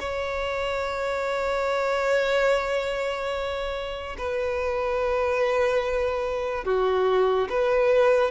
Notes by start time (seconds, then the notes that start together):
0.00 C#5
4.18 B4
6.65 F#4
7.50 B4